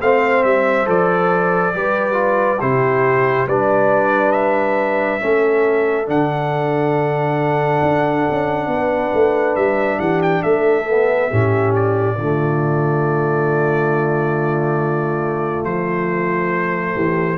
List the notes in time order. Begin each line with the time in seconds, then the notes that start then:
0.00 A3 C4 C5 F5
0.44 G3 E5
0.86 F3 A4 D5
1.74 G3 G4 B4
2.13 F4
2.61 C3 E4 G4 C5
3.47 G3 D4 B4 D5
4.32 E5
5.20 A3 C#4 A4
6.06 D3 D4 F#5
7.83 D4
8.31 C#4
8.67 B3
8.75 B4
9.14 A3
9.56 G3 E5
9.99 E3 G4 F#5
10.22 G5
10.43 A3 A4 E5
10.89 B3
11.30 A2 C#4 G4
11.76 D5
12.17 D3 A3 F4
15.65 F3 C5
16.94 E3 G4